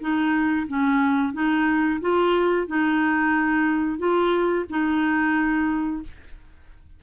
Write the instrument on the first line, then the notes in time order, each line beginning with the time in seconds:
clarinet
0.00 D#4
0.67 C#4
1.33 D#4
2.00 F4
2.67 D#4
3.98 F4
4.69 D#4